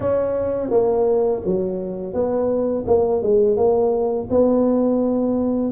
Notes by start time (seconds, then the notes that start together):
0.00 C#4
0.70 A#3
1.45 F#3
2.13 B3
2.86 A#3
3.22 G#3
3.56 A#3
4.30 B3